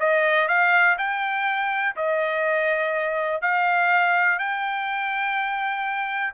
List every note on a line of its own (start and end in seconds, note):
0.00 0.49 D#5
0.49 0.97 F5
0.98 1.96 G5
1.96 3.42 D#5
3.42 4.39 F5
4.39 6.34 G5